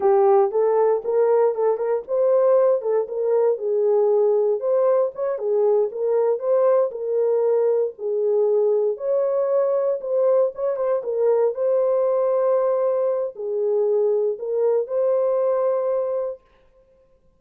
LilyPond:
\new Staff \with { instrumentName = "horn" } { \time 4/4 \tempo 4 = 117 g'4 a'4 ais'4 a'8 ais'8 | c''4. a'8 ais'4 gis'4~ | gis'4 c''4 cis''8 gis'4 ais'8~ | ais'8 c''4 ais'2 gis'8~ |
gis'4. cis''2 c''8~ | c''8 cis''8 c''8 ais'4 c''4.~ | c''2 gis'2 | ais'4 c''2. | }